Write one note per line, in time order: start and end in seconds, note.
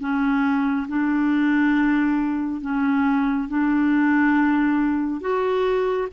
0.00 0.87 C#4
0.88 2.61 D4
2.61 3.48 C#4
3.49 5.21 D4
5.21 6.08 F#4